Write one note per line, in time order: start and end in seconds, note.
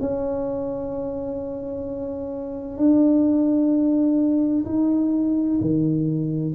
0.00 2.77 C#4
2.77 4.65 D4
4.66 5.60 D#4
5.61 6.55 D#3